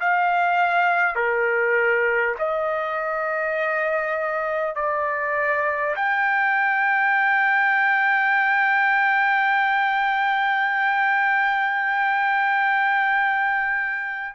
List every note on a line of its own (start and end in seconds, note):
0.00 1.15 F5
1.15 2.35 A#4
2.38 4.75 D#5
4.75 5.95 D5
5.96 14.35 G5